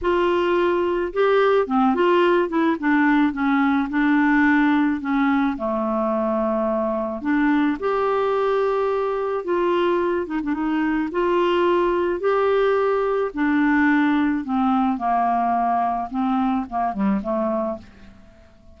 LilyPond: \new Staff \with { instrumentName = "clarinet" } { \time 4/4 \tempo 4 = 108 f'2 g'4 c'8 f'8~ | f'8 e'8 d'4 cis'4 d'4~ | d'4 cis'4 a2~ | a4 d'4 g'2~ |
g'4 f'4. dis'16 d'16 dis'4 | f'2 g'2 | d'2 c'4 ais4~ | ais4 c'4 ais8 g8 a4 | }